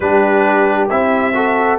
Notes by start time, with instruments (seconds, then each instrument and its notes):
0.00 tuba G3, trombone D4, horn G4, trumpet B4
0.89 tuba C4, trombone E4, trumpet E5
1.33 trombone F#4, horn A4